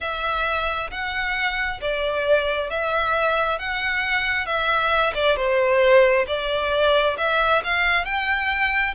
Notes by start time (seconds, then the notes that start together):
0.00 E5
0.90 F#5
1.81 D5
2.70 E5
3.59 F#5
4.46 E5
5.14 D5
5.36 C5
6.27 D5
7.17 E5
7.64 F5
8.04 G5